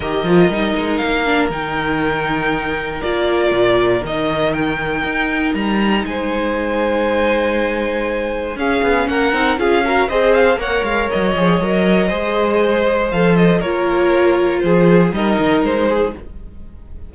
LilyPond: <<
  \new Staff \with { instrumentName = "violin" } { \time 4/4 \tempo 4 = 119 dis''2 f''4 g''4~ | g''2 d''2 | dis''4 g''2 ais''4 | gis''1~ |
gis''4 f''4 fis''4 f''4 | dis''8 f''8 fis''8 f''8 dis''2~ | dis''2 f''8 dis''8 cis''4~ | cis''4 c''4 dis''4 c''4 | }
  \new Staff \with { instrumentName = "violin" } { \time 4/4 ais'1~ | ais'1~ | ais'1 | c''1~ |
c''4 gis'4 ais'4 gis'8 ais'8 | c''4 cis''2. | c''2. ais'4~ | ais'4 gis'4 ais'4. gis'8 | }
  \new Staff \with { instrumentName = "viola" } { \time 4/4 g'8 f'8 dis'4. d'8 dis'4~ | dis'2 f'2 | dis'1~ | dis'1~ |
dis'4 cis'4. dis'8 f'8 fis'8 | gis'4 ais'4. gis'8 ais'4 | gis'2 a'4 f'4~ | f'2 dis'2 | }
  \new Staff \with { instrumentName = "cello" } { \time 4/4 dis8 f8 g8 gis8 ais4 dis4~ | dis2 ais4 ais,4 | dis2 dis'4 g4 | gis1~ |
gis4 cis'8 b8 ais8 c'8 cis'4 | c'4 ais8 gis8 fis8 f8 fis4 | gis2 f4 ais4~ | ais4 f4 g8 dis8 gis4 | }
>>